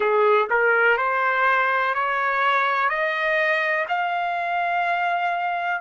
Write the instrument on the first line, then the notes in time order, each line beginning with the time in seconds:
trumpet
0.00 G#4
0.50 A#4
0.97 C5
1.94 C#5
2.89 D#5
3.88 F5